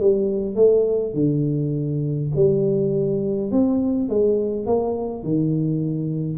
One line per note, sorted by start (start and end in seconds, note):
0.00 0.55 G3
0.55 1.13 A3
1.14 2.30 D3
2.35 3.51 G3
3.51 4.09 C4
4.09 4.66 G#3
4.66 5.23 A#3
5.23 6.38 D#3